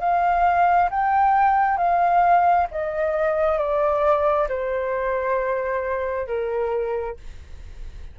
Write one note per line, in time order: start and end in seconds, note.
0.00 0.90 F5
0.90 1.77 G5
1.77 2.67 F5
2.71 3.59 D#5
3.59 4.48 D5
4.49 6.27 C5
6.27 7.17 A#4